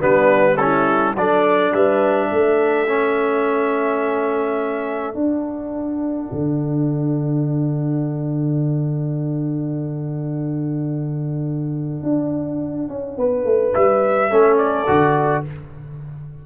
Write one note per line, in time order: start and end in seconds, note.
0.00 1.15 G3
0.00 0.57 B3
0.00 0.57 D4
0.00 0.56 B4
0.56 1.16 C#4
0.56 1.18 E4
0.56 1.13 A4
1.15 1.72 F#3
1.15 2.87 D4
1.15 1.74 A4
1.15 1.73 D5
1.72 2.30 G3
1.72 2.31 B4
1.72 5.15 E5
2.31 5.15 A3
2.31 13.17 A4
2.87 5.14 C#4
5.14 14.28 D4
5.14 6.29 D4
5.14 13.72 F#5
6.31 12.02 D3
12.02 12.88 D4
12.88 13.17 C#4
13.17 13.44 B3
13.17 14.30 B4
13.44 13.72 A3
13.74 14.31 G3
13.74 14.58 E5
14.30 14.88 A3
14.30 14.86 C#4
14.30 15.45 A4
14.58 15.43 D5
14.86 15.45 D3
14.86 15.43 F#4